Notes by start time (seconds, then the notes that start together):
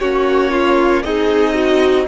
0.00 A#3 C#4 F#4 C#5
0.51 F4
1.03 C4 D#4 G#4 D#5
1.53 F#4